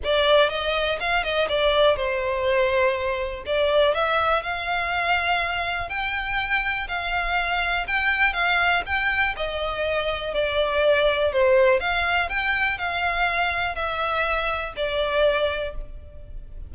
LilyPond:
\new Staff \with { instrumentName = "violin" } { \time 4/4 \tempo 4 = 122 d''4 dis''4 f''8 dis''8 d''4 | c''2. d''4 | e''4 f''2. | g''2 f''2 |
g''4 f''4 g''4 dis''4~ | dis''4 d''2 c''4 | f''4 g''4 f''2 | e''2 d''2 | }